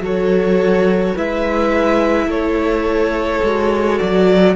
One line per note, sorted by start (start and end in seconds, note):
0.00 1.13 F#3
0.00 1.17 F#4
0.00 1.16 A4
0.06 1.18 C#5
1.16 2.27 G#3
1.16 3.43 E4
1.16 2.27 B4
1.16 2.31 E5
2.27 3.40 A3
2.27 4.54 A4
2.27 3.99 C#5
3.44 4.00 G#3
3.44 4.56 F#4
3.99 4.56 F#3
3.99 4.56 D5